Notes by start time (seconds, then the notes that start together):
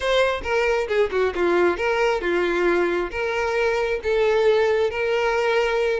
0.00 C5
0.43 A#4
0.87 G#4
1.11 F#4
1.35 F4
1.77 A#4
2.21 F4
3.11 A#4
4.03 A4
4.90 A#4